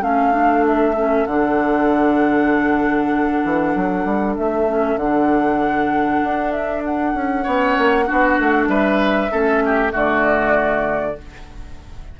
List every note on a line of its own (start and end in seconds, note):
0.00 1.26 A3
0.00 0.32 C#4
0.00 7.42 A4
0.00 0.64 F5
0.32 0.94 D4
0.66 1.26 E5
0.96 1.27 C#4
1.26 3.43 D3
1.26 4.67 D4
1.26 4.35 F#5
3.44 3.74 E3
3.74 4.05 F#3
4.05 4.36 G3
4.36 4.96 A3
4.36 4.97 E5
4.67 4.98 C#4
4.96 6.20 D3
4.96 7.45 D4
4.96 6.51 F#5
6.23 7.14 D4
6.51 6.82 E5
6.84 8.68 F#5
7.14 7.45 C#4
7.42 7.77 B3
7.42 8.05 C#4
7.42 8.04 C#5
7.78 8.09 A#3
8.05 8.38 B3
8.05 9.29 D4
8.05 8.68 F#4
8.38 8.67 A3
8.67 9.29 G3
8.67 9.31 B4
8.67 9.91 E5
9.30 9.93 A3
9.30 9.89 C#4
9.30 9.62 A4
9.65 9.92 G4
9.89 11.17 D3
9.89 11.12 A3
9.89 11.15 F#4
9.96 11.19 D5